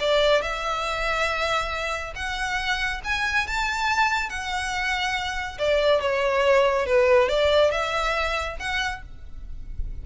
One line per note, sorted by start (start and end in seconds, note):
0.00 0.42 D5
0.42 2.14 E5
2.16 3.01 F#5
3.05 3.47 G#5
3.47 4.30 A5
4.30 5.58 F#5
5.59 6.01 D5
6.01 6.87 C#5
6.87 7.29 B4
7.29 7.71 D5
7.71 8.57 E5
8.60 9.03 F#5